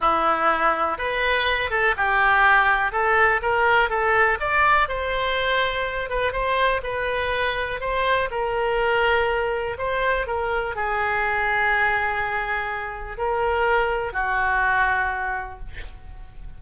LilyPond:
\new Staff \with { instrumentName = "oboe" } { \time 4/4 \tempo 4 = 123 e'2 b'4. a'8 | g'2 a'4 ais'4 | a'4 d''4 c''2~ | c''8 b'8 c''4 b'2 |
c''4 ais'2. | c''4 ais'4 gis'2~ | gis'2. ais'4~ | ais'4 fis'2. | }